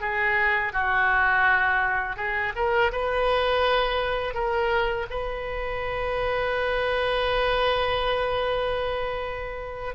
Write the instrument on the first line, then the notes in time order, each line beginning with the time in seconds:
oboe
0.00 G#4
0.72 F#4
2.16 G#4
2.55 A#4
2.91 B4
4.34 A#4
5.10 B4